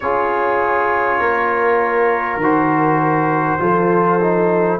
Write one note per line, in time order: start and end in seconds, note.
0.00 1.19 C#4
0.00 2.41 F4
0.00 1.20 G#4
0.00 2.39 C#5
1.19 2.36 A#3
1.19 3.60 A#4
2.36 3.56 D#3
2.36 3.59 F#4
2.36 4.80 C5
3.59 4.80 F3
3.59 4.19 F4
3.59 4.80 A4
4.21 4.80 D#4